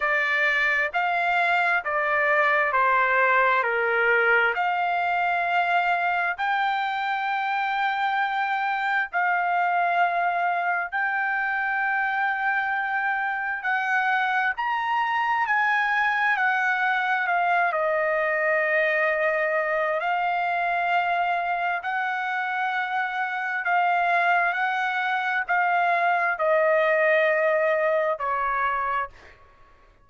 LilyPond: \new Staff \with { instrumentName = "trumpet" } { \time 4/4 \tempo 4 = 66 d''4 f''4 d''4 c''4 | ais'4 f''2 g''4~ | g''2 f''2 | g''2. fis''4 |
ais''4 gis''4 fis''4 f''8 dis''8~ | dis''2 f''2 | fis''2 f''4 fis''4 | f''4 dis''2 cis''4 | }